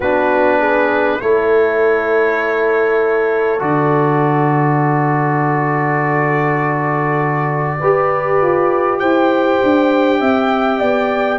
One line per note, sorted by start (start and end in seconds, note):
0.00 1.18 B3
0.00 1.20 D4
0.00 0.58 F#4
0.00 1.21 B4
0.58 1.19 G#4
1.20 3.61 A3
1.20 3.58 E4
1.20 7.79 A4
1.20 3.60 C#5
3.58 7.81 D3
3.58 7.79 F#4
3.58 8.99 D5
7.79 8.41 G4
7.79 11.38 G4
7.79 8.99 B4
8.41 9.01 F4
8.99 9.61 E4
8.99 10.20 C5
8.99 11.38 G5
9.62 10.20 D4
10.20 10.80 C4
10.20 10.79 E5
10.79 11.38 B3
10.79 11.38 D5